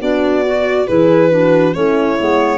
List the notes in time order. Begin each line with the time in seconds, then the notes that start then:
0.00 B3 D4 F#4 D5
0.46 F#4
0.87 E3 E4 G#4 B4
1.30 D4 F#4
1.73 A3 C#4 E4 C#5
2.19 G#3 B3